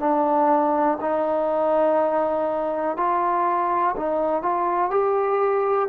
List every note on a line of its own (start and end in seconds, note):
0.00 0.98 D4
1.01 2.97 D#4
2.97 3.96 F4
3.97 4.43 D#4
4.43 4.91 F4
4.91 5.89 G4